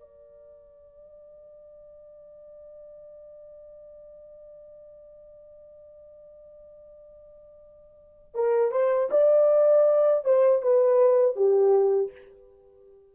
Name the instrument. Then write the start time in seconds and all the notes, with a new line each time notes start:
horn
0.00 D5
8.34 A#4
8.71 C5
9.11 D5
10.24 C5
10.62 B4
11.35 G4